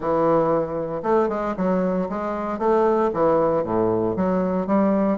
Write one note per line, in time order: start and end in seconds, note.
0.00 1.02 E3
1.02 1.28 A3
1.28 1.54 G#3
1.56 2.08 F#3
2.09 2.58 G#3
2.58 3.10 A3
3.13 3.63 E3
3.63 4.15 A2
4.16 4.66 F#3
4.66 5.18 G3